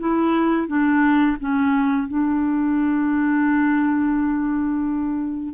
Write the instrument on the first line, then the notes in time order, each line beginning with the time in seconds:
clarinet
0.00 E4
0.68 D4
1.40 C#4
2.08 D4